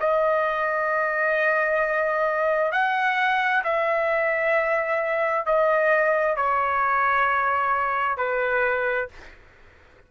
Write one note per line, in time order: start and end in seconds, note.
0.00 2.72 D#5
2.72 3.63 F#5
3.64 5.46 E5
5.46 6.36 D#5
6.36 8.17 C#5
8.17 9.08 B4